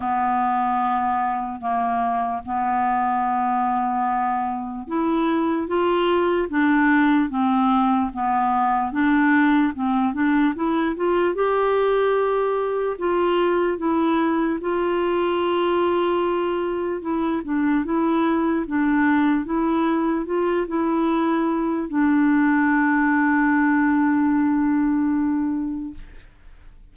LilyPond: \new Staff \with { instrumentName = "clarinet" } { \time 4/4 \tempo 4 = 74 b2 ais4 b4~ | b2 e'4 f'4 | d'4 c'4 b4 d'4 | c'8 d'8 e'8 f'8 g'2 |
f'4 e'4 f'2~ | f'4 e'8 d'8 e'4 d'4 | e'4 f'8 e'4. d'4~ | d'1 | }